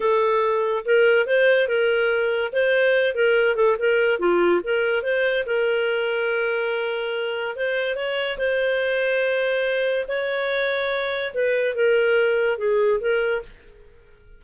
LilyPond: \new Staff \with { instrumentName = "clarinet" } { \time 4/4 \tempo 4 = 143 a'2 ais'4 c''4 | ais'2 c''4. ais'8~ | ais'8 a'8 ais'4 f'4 ais'4 | c''4 ais'2.~ |
ais'2 c''4 cis''4 | c''1 | cis''2. b'4 | ais'2 gis'4 ais'4 | }